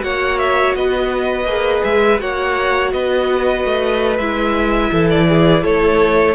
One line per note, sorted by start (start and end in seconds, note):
0.00 0.75 A#3
0.00 1.45 F#4
0.00 0.77 C#5
0.00 0.39 F#5
0.39 0.75 E5
0.75 1.45 B3
0.75 2.21 B4
0.75 1.84 D#5
1.45 1.81 A#3
1.45 2.19 G#4
1.84 2.21 G#3
1.84 2.20 E5
2.19 2.93 A#3
2.19 4.18 F#4
2.19 2.94 C#5
2.19 2.93 F#5
2.93 3.65 B3
2.93 4.92 B4
2.93 4.18 D#5
3.65 4.19 A3
4.18 4.91 G#3
4.18 6.36 E4
4.18 5.08 E5
4.92 5.64 E3
4.92 5.28 A4
5.10 5.64 D5
5.29 5.64 G#4
5.64 6.36 A3
5.64 6.36 A4
5.64 6.36 C#5